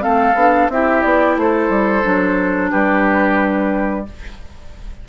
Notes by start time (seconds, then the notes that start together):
0.00 A3 C4 A4 F5
0.35 B3 D4
0.69 C4 E4 G4 E5
1.03 B3 D5
1.37 A3 A4 C5
1.69 G3
2.03 F#3 D4
2.71 G3 G4 B4